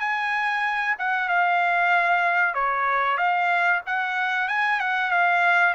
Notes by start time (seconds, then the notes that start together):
0.00 G#5
0.99 F#5
1.29 F5
2.54 C#5
3.17 F5
3.86 F#5
4.49 G#5
4.80 F#5
5.11 F5